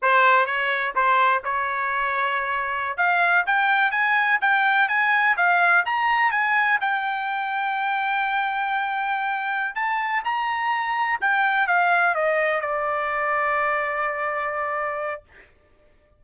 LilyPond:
\new Staff \with { instrumentName = "trumpet" } { \time 4/4 \tempo 4 = 126 c''4 cis''4 c''4 cis''4~ | cis''2~ cis''16 f''4 g''8.~ | g''16 gis''4 g''4 gis''4 f''8.~ | f''16 ais''4 gis''4 g''4.~ g''16~ |
g''1~ | g''8 a''4 ais''2 g''8~ | g''8 f''4 dis''4 d''4.~ | d''1 | }